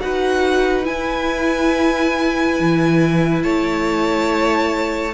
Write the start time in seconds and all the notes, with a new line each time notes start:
0.00 D#4 F#4 B4 F#5
0.84 E4 G#5
2.60 E3
3.43 A3 C#5 A5